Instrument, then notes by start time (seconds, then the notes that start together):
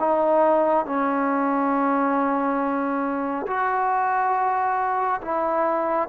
trombone
0.00 D#4
0.86 C#4
3.47 F#4
5.22 E4